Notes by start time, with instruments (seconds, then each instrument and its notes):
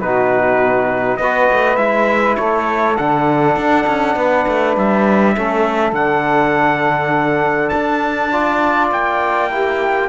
0.00 cello B2, trombone D#4, saxophone F#4, trumpet B4
1.17 cello B3, trombone F#4, saxophone B4, trumpet D#5
1.53 cello A3
1.76 cello G#3, trombone E4, trumpet E5
2.36 cello A3, saxophone A4, trumpet C#5
2.97 cello D3, trombone D4, trumpet F#5
3.56 cello D4
3.87 cello C#4
4.16 cello B3, saxophone B4
4.48 cello A3
4.77 cello G3, trumpet E5
5.36 cello A3, trombone C#4, saxophone A4
5.92 cello D3, trombone D4, trumpet F#5
7.69 cello D4, trumpet A5
8.31 trombone F4, saxophone D5
8.91 cello A#3, trumpet G5
9.50 trombone E4, saxophone G4